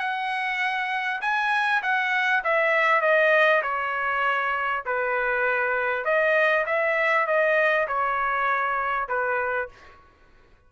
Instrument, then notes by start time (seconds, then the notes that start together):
trumpet
0.00 F#5
1.22 G#5
1.83 F#5
2.45 E5
3.02 D#5
3.63 C#5
4.86 B4
6.05 D#5
6.67 E5
7.27 D#5
7.88 C#5
9.09 B4